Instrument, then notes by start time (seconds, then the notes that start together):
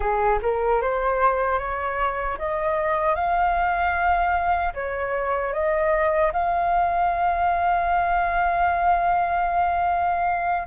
flute
0.00 G#4
0.42 A#4
0.81 C5
1.58 C#5
2.38 D#5
3.15 F5
4.74 C#5
5.53 D#5
6.32 F5